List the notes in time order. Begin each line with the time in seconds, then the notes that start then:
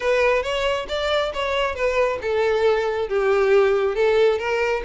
0.00 B4
0.42 C#5
0.88 D5
1.33 C#5
1.75 B4
2.21 A4
3.08 G4
3.95 A4
4.38 A#4